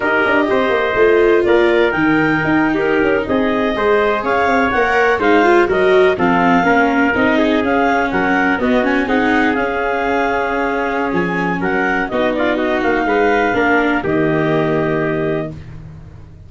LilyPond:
<<
  \new Staff \with { instrumentName = "clarinet" } { \time 4/4 \tempo 4 = 124 dis''2. d''4 | g''4.~ g''16 ais'4 dis''4~ dis''16~ | dis''8. f''4 fis''4 f''4 dis''16~ | dis''8. f''2 dis''4 f''16~ |
f''8. fis''4 dis''8 gis''8 fis''4 f''16~ | f''2. gis''4 | fis''4 dis''8 d''8 dis''8 f''4.~ | f''4 dis''2. | }
  \new Staff \with { instrumentName = "trumpet" } { \time 4/4 ais'4 c''2 ais'4~ | ais'4.~ ais'16 g'4 gis'4 c''16~ | c''8. cis''2 c''4 ais'16~ | ais'8. a'4 ais'4. gis'8.~ |
gis'8. ais'4 fis'4 gis'4~ gis'16~ | gis'1 | ais'4 fis'8 f'8 fis'4 b'4 | ais'4 g'2. | }
  \new Staff \with { instrumentName = "viola" } { \time 4/4 g'2 f'2 | dis'2.~ dis'8. gis'16~ | gis'4.~ gis'16 ais'4 dis'8 f'8 fis'16~ | fis'8. c'4 cis'4 dis'4 cis'16~ |
cis'4.~ cis'16 b8 cis'8 dis'4 cis'16~ | cis'1~ | cis'4 dis'2. | d'4 ais2. | }
  \new Staff \with { instrumentName = "tuba" } { \time 4/4 dis'8 d'8 c'8 ais8 a4 ais4 | dis4 dis'4~ dis'16 cis'8 c'4 gis16~ | gis8. cis'8 c'8 ais4 gis4 fis16~ | fis8. f4 ais4 c'4 cis'16~ |
cis'8. fis4 b4 c'4 cis'16~ | cis'2. f4 | fis4 b4. ais8 gis4 | ais4 dis2. | }
>>